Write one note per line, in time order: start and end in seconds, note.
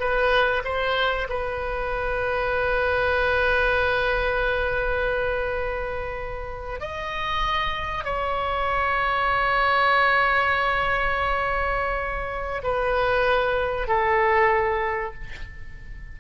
0.00 0.63 B4
0.65 1.28 C5
1.29 6.81 B4
6.81 8.04 D#5
8.04 12.62 C#5
12.63 13.88 B4
13.88 15.14 A4